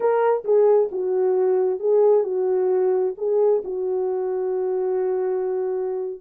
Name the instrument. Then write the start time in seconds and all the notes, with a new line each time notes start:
horn
0.00 A#4
0.44 G#4
0.91 F#4
1.79 G#4
2.23 F#4
3.17 G#4
3.64 F#4